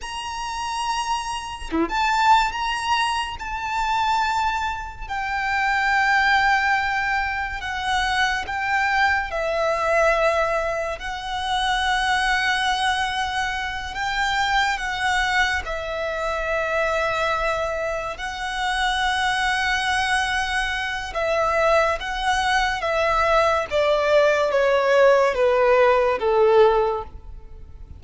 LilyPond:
\new Staff \with { instrumentName = "violin" } { \time 4/4 \tempo 4 = 71 ais''2 e'16 a''8. ais''4 | a''2 g''2~ | g''4 fis''4 g''4 e''4~ | e''4 fis''2.~ |
fis''8 g''4 fis''4 e''4.~ | e''4. fis''2~ fis''8~ | fis''4 e''4 fis''4 e''4 | d''4 cis''4 b'4 a'4 | }